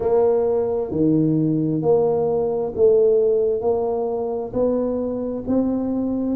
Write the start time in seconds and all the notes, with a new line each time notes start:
0.00 A#3
0.91 D#3
1.82 A#3
2.75 A3
3.61 A#3
4.53 B3
5.47 C4